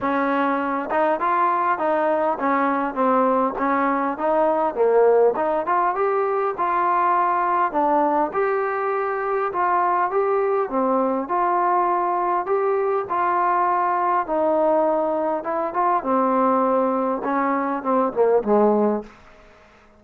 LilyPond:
\new Staff \with { instrumentName = "trombone" } { \time 4/4 \tempo 4 = 101 cis'4. dis'8 f'4 dis'4 | cis'4 c'4 cis'4 dis'4 | ais4 dis'8 f'8 g'4 f'4~ | f'4 d'4 g'2 |
f'4 g'4 c'4 f'4~ | f'4 g'4 f'2 | dis'2 e'8 f'8 c'4~ | c'4 cis'4 c'8 ais8 gis4 | }